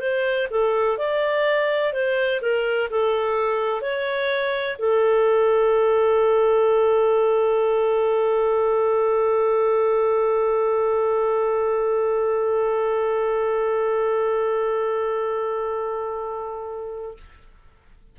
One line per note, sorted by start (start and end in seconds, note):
0.00 0.48 C5
0.51 0.98 A4
0.98 1.93 D5
1.93 2.41 C5
2.42 2.89 A#4
2.90 3.81 A4
3.81 4.77 C#5
4.79 17.17 A4